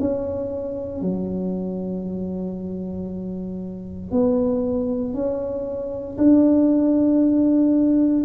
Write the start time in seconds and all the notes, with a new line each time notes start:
0.00 C#4
1.02 F#3
4.11 B3
5.14 C#4
6.18 D4